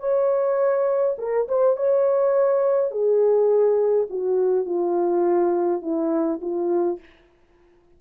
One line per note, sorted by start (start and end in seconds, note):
0.00 1.17 C#5
1.19 1.48 A#4
1.48 1.77 C5
1.77 2.91 C#5
2.91 4.08 G#4
4.10 4.66 F#4
4.66 5.82 F4
5.82 6.40 E4
6.42 7.00 F4